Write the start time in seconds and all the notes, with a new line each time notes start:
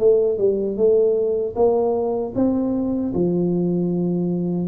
0.00 A3
0.38 G3
0.78 A3
1.56 A#3
2.36 C4
3.14 F3